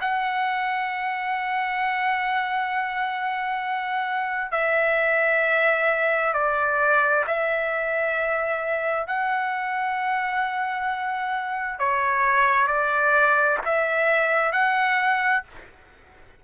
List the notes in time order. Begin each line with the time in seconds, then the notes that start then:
0.00 F#5
4.51 E5
6.33 D5
7.26 E5
9.07 F#5
11.79 C#5
12.67 D5
13.64 E5
14.52 F#5